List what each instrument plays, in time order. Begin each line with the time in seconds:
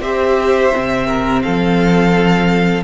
0.00 cello C4, viola G4, violin C5 E5
0.73 cello C3, viola C4
1.07 violin A#4
1.43 cello F3, violin A4 F5